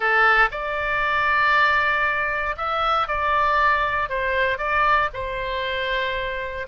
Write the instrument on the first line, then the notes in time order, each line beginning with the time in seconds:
oboe
0.00 A4
0.51 D5
2.57 E5
3.07 D5
4.09 C5
4.58 D5
5.13 C5